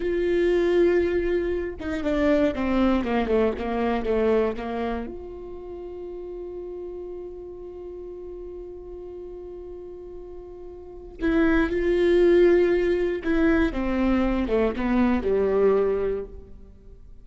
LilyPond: \new Staff \with { instrumentName = "viola" } { \time 4/4 \tempo 4 = 118 f'2.~ f'8 dis'8 | d'4 c'4 ais8 a8 ais4 | a4 ais4 f'2~ | f'1~ |
f'1~ | f'2 e'4 f'4~ | f'2 e'4 c'4~ | c'8 a8 b4 g2 | }